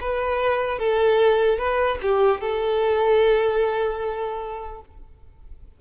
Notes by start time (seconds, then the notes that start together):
0.00 B4
0.79 A4
1.58 B4
2.02 G4
2.41 A4